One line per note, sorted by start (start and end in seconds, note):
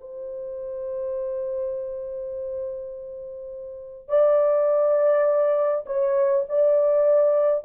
0.00 4.09 C5
4.09 5.85 D5
5.86 6.45 C#5
6.49 7.64 D5